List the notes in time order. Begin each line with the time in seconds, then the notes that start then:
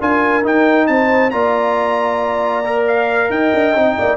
0.00 D4 F4 A#4 G#5
0.43 D#4 G5
0.87 C4 C5 A5
1.31 A#3 F4 D5 A#5
2.65 A#4
2.88 F5
3.30 D#4 D#5 G5
3.54 D4
3.75 C4 D#4
3.99 A#3 D5